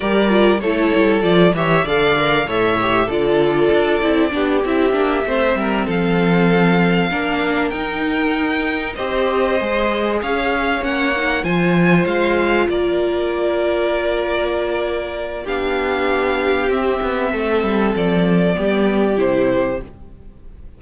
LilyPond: <<
  \new Staff \with { instrumentName = "violin" } { \time 4/4 \tempo 4 = 97 d''4 cis''4 d''8 e''8 f''4 | e''4 d''2~ d''8 e''8~ | e''4. f''2~ f''8~ | f''8 g''2 dis''4.~ |
dis''8 f''4 fis''4 gis''4 f''8~ | f''8 d''2.~ d''8~ | d''4 f''2 e''4~ | e''4 d''2 c''4 | }
  \new Staff \with { instrumentName = "violin" } { \time 4/4 ais'4 a'4. cis''8 d''4 | cis''4 a'2 g'4~ | g'8 c''8 ais'8 a'2 ais'8~ | ais'2~ ais'8 c''4.~ |
c''8 cis''2 c''4.~ | c''8 ais'2.~ ais'8~ | ais'4 g'2. | a'2 g'2 | }
  \new Staff \with { instrumentName = "viola" } { \time 4/4 g'8 f'8 e'4 f'8 g'8 a'8 ais'8 | a'8 g'8 f'4. e'8 d'8 e'8 | d'8 c'2. d'8~ | d'8 dis'2 g'4 gis'8~ |
gis'4. cis'8 dis'8 f'4.~ | f'1~ | f'4 d'2 c'4~ | c'2 b4 e'4 | }
  \new Staff \with { instrumentName = "cello" } { \time 4/4 g4 a8 g8 f8 e8 d4 | a,4 d4 d'8 c'8 b8 c'8 | ais8 a8 g8 f2 ais8~ | ais8 dis'2 c'4 gis8~ |
gis8 cis'4 ais4 f4 gis8~ | gis8 ais2.~ ais8~ | ais4 b2 c'8 b8 | a8 g8 f4 g4 c4 | }
>>